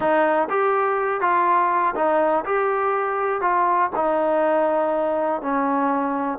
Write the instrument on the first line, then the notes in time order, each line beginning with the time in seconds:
trombone
0.00 D#4
0.49 G4
1.20 F4
1.95 D#4
2.45 G4
3.41 F4
3.95 D#4
5.41 C#4